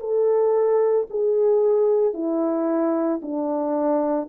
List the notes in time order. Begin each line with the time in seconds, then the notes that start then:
0.00 A4
1.10 G#4
2.13 E4
3.22 D4